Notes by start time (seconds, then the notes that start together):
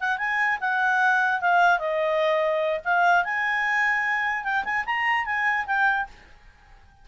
0.00 F#5
0.18 G#5
0.60 F#5
1.41 F5
1.79 D#5
2.84 F5
3.25 G#5
4.44 G5
4.64 G#5
4.86 A#5
5.25 G#5
5.66 G5